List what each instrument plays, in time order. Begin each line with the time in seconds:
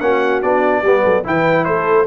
0.00 tuba A#3, trombone C#4, horn F#4, trumpet F#5
0.42 tuba B3, trombone D4, trumpet D5
0.81 tuba G3, trombone B3, horn G4
1.04 tuba F#3, horn A4
1.23 tuba E3, trombone E4, horn B4, trumpet G5
1.64 tuba A3, horn A4, trumpet C5